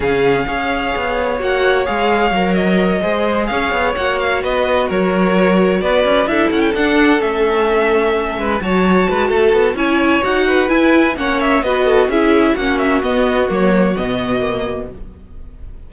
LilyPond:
<<
  \new Staff \with { instrumentName = "violin" } { \time 4/4 \tempo 4 = 129 f''2. fis''4 | f''4. dis''2 f''8~ | f''8 fis''8 f''8 dis''4 cis''4.~ | cis''8 d''4 e''8 fis''16 g''16 fis''4 e''8~ |
e''2~ e''8 a''4.~ | a''4 gis''4 fis''4 gis''4 | fis''8 e''8 dis''4 e''4 fis''8 e''8 | dis''4 cis''4 dis''2 | }
  \new Staff \with { instrumentName = "violin" } { \time 4/4 gis'4 cis''2.~ | cis''2~ cis''8 c''4 cis''8~ | cis''4. b'4 ais'4.~ | ais'8 b'4 a'2~ a'8~ |
a'2 b'8 cis''4 b'8 | a'4 cis''4. b'4. | cis''4 b'8 a'8 gis'4 fis'4~ | fis'1 | }
  \new Staff \with { instrumentName = "viola" } { \time 4/4 cis'4 gis'2 fis'4 | gis'4 ais'4. gis'4.~ | gis'8 fis'2.~ fis'8~ | fis'4. e'4 d'4 cis'8~ |
cis'2~ cis'8 fis'4.~ | fis'4 e'4 fis'4 e'4 | cis'4 fis'4 e'4 cis'4 | b4 ais4 b4 ais4 | }
  \new Staff \with { instrumentName = "cello" } { \time 4/4 cis4 cis'4 b4 ais4 | gis4 fis4. gis4 cis'8 | b8 ais4 b4 fis4.~ | fis8 b8 cis'8 d'8 cis'8 d'4 a8~ |
a2 gis8 fis4 gis8 | a8 b8 cis'4 dis'4 e'4 | ais4 b4 cis'4 ais4 | b4 fis4 b,2 | }
>>